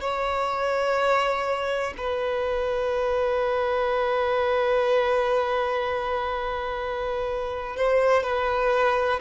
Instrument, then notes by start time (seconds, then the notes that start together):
violin
0.00 C#5
1.97 B4
7.76 C5
8.23 B4